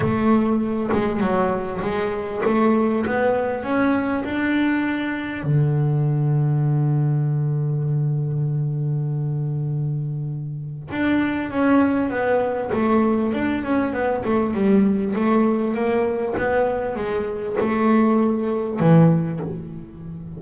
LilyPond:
\new Staff \with { instrumentName = "double bass" } { \time 4/4 \tempo 4 = 99 a4. gis8 fis4 gis4 | a4 b4 cis'4 d'4~ | d'4 d2.~ | d1~ |
d2 d'4 cis'4 | b4 a4 d'8 cis'8 b8 a8 | g4 a4 ais4 b4 | gis4 a2 e4 | }